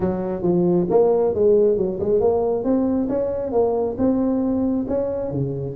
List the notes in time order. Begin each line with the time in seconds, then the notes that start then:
0.00 F#3
0.42 F3
0.90 A#3
1.34 G#3
1.77 F#3
1.99 G#3
2.20 A#3
2.64 C4
3.08 C#4
3.52 A#3
3.97 C4
4.87 C#4
5.31 C#3